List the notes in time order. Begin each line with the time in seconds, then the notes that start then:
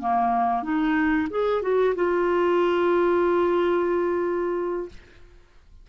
0.00 A#3
0.63 D#4
1.30 G#4
1.62 F#4
1.95 F4